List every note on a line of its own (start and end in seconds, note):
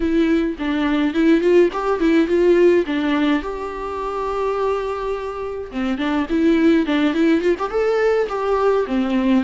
0.00 0.56 E4
0.58 1.14 D4
1.14 1.40 E4
1.40 1.69 F4
1.72 2.00 G4
2.00 2.27 E4
2.27 2.84 F4
2.86 3.42 D4
3.42 5.71 G4
5.71 5.98 C4
5.98 6.26 D4
6.29 6.86 E4
6.86 7.13 D4
7.13 7.41 E4
7.41 7.55 F4
7.58 7.70 G4
7.70 8.27 A4
8.28 8.85 G4
8.86 9.43 C4